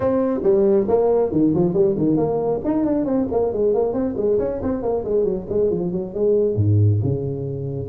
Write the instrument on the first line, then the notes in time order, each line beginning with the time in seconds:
tuba
0.00 C4
0.43 G3
0.88 A#3
1.31 D#3
1.54 F3
1.73 G3
1.97 D#3
2.16 A#3
2.64 D#4
2.85 D4
3.05 C4
3.31 A#3
3.52 G#3
3.74 A#3
3.93 C4
4.16 G#3
4.38 C#4
4.62 C4
4.82 A#3
5.04 G#3
5.24 F#3
5.49 G#3
5.70 F3
5.91 F#3
6.14 G#3
6.55 G#2
7.03 C#3